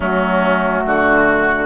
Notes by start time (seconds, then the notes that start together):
0.00 F#3 A3 C#4 F#4
0.85 D3 F#4